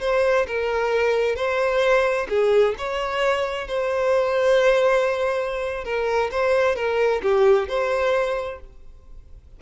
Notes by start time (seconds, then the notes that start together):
0.00 C5
0.47 A#4
1.35 C5
2.29 G#4
2.78 C#5
3.67 C5
5.84 A#4
6.31 C5
6.75 A#4
7.22 G4
7.68 C5